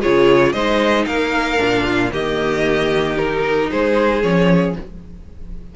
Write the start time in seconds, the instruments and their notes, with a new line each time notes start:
0.00 cello C#3, viola F4, violin G#4 C#5
0.53 cello G#3, viola D#4, violin C5 D#5
1.07 cello A#3, violin A#4 F5
1.58 cello A#2, viola D4
1.84 violin F4
2.12 cello D#3, viola A#3, violin G4 D#5
3.17 viola D#4, violin A#4
3.71 cello G#3, violin G#4 C5
4.22 cello F3, viola C#4, violin C#5